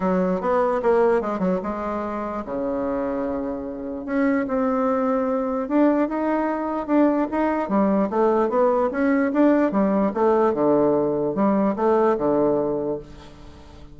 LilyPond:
\new Staff \with { instrumentName = "bassoon" } { \time 4/4 \tempo 4 = 148 fis4 b4 ais4 gis8 fis8 | gis2 cis2~ | cis2 cis'4 c'4~ | c'2 d'4 dis'4~ |
dis'4 d'4 dis'4 g4 | a4 b4 cis'4 d'4 | g4 a4 d2 | g4 a4 d2 | }